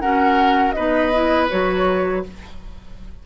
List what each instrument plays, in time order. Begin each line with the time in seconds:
0.00 clarinet C#4, bassoon F#4, oboe A#4, flute F#5
0.72 bassoon B3, clarinet D#4, oboe B4, flute D#5
1.13 clarinet E4
1.49 bassoon F#3, clarinet F#4, flute C#5